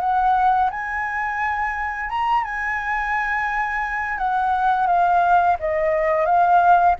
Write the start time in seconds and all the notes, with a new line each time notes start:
0.00 F#5
0.70 G#5
2.09 A#5
2.44 G#5
4.18 F#5
4.87 F5
5.60 D#5
6.25 F5